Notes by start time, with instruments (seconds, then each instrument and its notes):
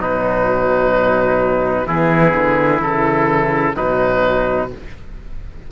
0.00 cello B2, horn F#3, trumpet D#4, oboe B4
1.87 cello E3, horn B3, trumpet E4, oboe G#4
2.35 cello D3
2.81 cello C#3, horn E3, oboe A4
3.76 cello B2, horn F#3, trumpet D#4, oboe B4